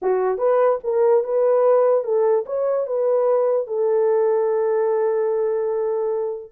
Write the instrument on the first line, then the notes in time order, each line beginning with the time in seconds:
horn
0.01 F#4
0.37 B4
0.83 A#4
1.24 B4
2.04 A4
2.46 C#5
2.87 B4
3.67 A4